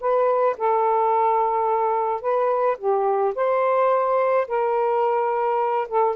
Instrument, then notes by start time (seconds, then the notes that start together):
saxophone
0.00 B4
0.57 A4
2.21 B4
2.78 G4
3.35 C5
4.47 A#4
5.88 A4